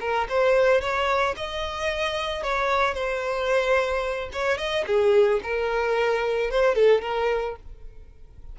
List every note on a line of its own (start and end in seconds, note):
0.00 0.27 A#4
0.29 0.81 C5
0.81 1.35 C#5
1.36 2.43 D#5
2.43 2.94 C#5
2.94 4.29 C5
4.32 4.57 C#5
4.57 4.84 D#5
4.86 5.40 G#4
5.43 6.50 A#4
6.50 6.74 C5
6.74 7.01 A4
7.01 7.55 A#4